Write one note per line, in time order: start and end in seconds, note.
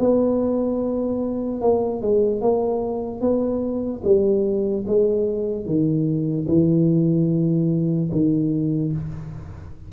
0.00 1.62 B3
1.62 2.02 A#3
2.02 2.42 G#3
2.42 3.21 A#3
3.21 4.02 B3
4.05 4.86 G3
4.88 5.66 G#3
5.66 6.47 D#3
6.48 8.10 E3
8.12 8.93 D#3